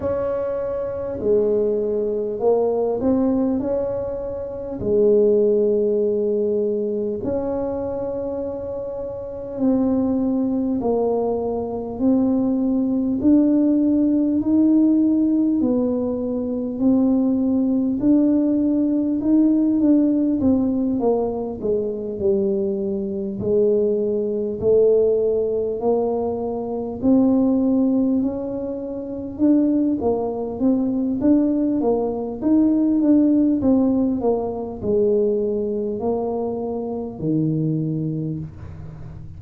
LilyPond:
\new Staff \with { instrumentName = "tuba" } { \time 4/4 \tempo 4 = 50 cis'4 gis4 ais8 c'8 cis'4 | gis2 cis'2 | c'4 ais4 c'4 d'4 | dis'4 b4 c'4 d'4 |
dis'8 d'8 c'8 ais8 gis8 g4 gis8~ | gis8 a4 ais4 c'4 cis'8~ | cis'8 d'8 ais8 c'8 d'8 ais8 dis'8 d'8 | c'8 ais8 gis4 ais4 dis4 | }